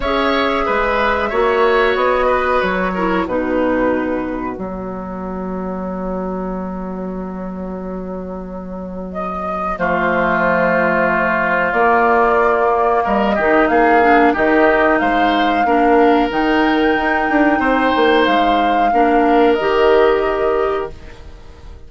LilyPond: <<
  \new Staff \with { instrumentName = "flute" } { \time 4/4 \tempo 4 = 92 e''2. dis''4 | cis''4 b'2 cis''4~ | cis''1~ | cis''2 dis''4 c''4~ |
c''2 d''2 | dis''4 f''4 dis''4 f''4~ | f''4 g''2. | f''2 dis''2 | }
  \new Staff \with { instrumentName = "oboe" } { \time 4/4 cis''4 b'4 cis''4. b'8~ | b'8 ais'8 fis'2.~ | fis'1~ | fis'2. f'4~ |
f'1 | ais'8 g'8 gis'4 g'4 c''4 | ais'2. c''4~ | c''4 ais'2. | }
  \new Staff \with { instrumentName = "clarinet" } { \time 4/4 gis'2 fis'2~ | fis'8 e'8 dis'2 ais4~ | ais1~ | ais2. a4~ |
a2 ais2~ | ais8 dis'4 d'8 dis'2 | d'4 dis'2.~ | dis'4 d'4 g'2 | }
  \new Staff \with { instrumentName = "bassoon" } { \time 4/4 cis'4 gis4 ais4 b4 | fis4 b,2 fis4~ | fis1~ | fis2. f4~ |
f2 ais2 | g8 dis8 ais4 dis4 gis4 | ais4 dis4 dis'8 d'8 c'8 ais8 | gis4 ais4 dis2 | }
>>